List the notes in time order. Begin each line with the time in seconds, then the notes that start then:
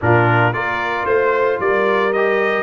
0.01 A#2 D4 F4 A#4
0.53 A#3 F4 A#4 D5
1.05 A3 C5
1.59 G3 A#4 D5
2.12 G4 D#5